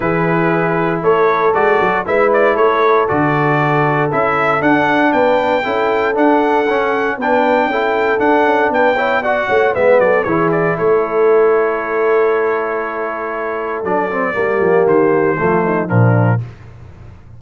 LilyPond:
<<
  \new Staff \with { instrumentName = "trumpet" } { \time 4/4 \tempo 4 = 117 b'2 cis''4 d''4 | e''8 d''8 cis''4 d''2 | e''4 fis''4 g''2 | fis''2 g''2 |
fis''4 g''4 fis''4 e''8 d''8 | cis''8 d''8 cis''2.~ | cis''2. d''4~ | d''4 c''2 ais'4 | }
  \new Staff \with { instrumentName = "horn" } { \time 4/4 gis'2 a'2 | b'4 a'2.~ | a'2 b'4 a'4~ | a'2 b'4 a'4~ |
a'4 b'8 cis''8 d''8 cis''8 b'8 a'8 | gis'4 a'2.~ | a'1 | g'2 f'8 dis'8 d'4 | }
  \new Staff \with { instrumentName = "trombone" } { \time 4/4 e'2. fis'4 | e'2 fis'2 | e'4 d'2 e'4 | d'4 cis'4 d'4 e'4 |
d'4. e'8 fis'4 b4 | e'1~ | e'2. d'8 c'8 | ais2 a4 f4 | }
  \new Staff \with { instrumentName = "tuba" } { \time 4/4 e2 a4 gis8 fis8 | gis4 a4 d2 | cis'4 d'4 b4 cis'4 | d'4 cis'4 b4 cis'4 |
d'8 cis'8 b4. a8 gis8 fis8 | e4 a2.~ | a2. fis4 | g8 f8 dis4 f4 ais,4 | }
>>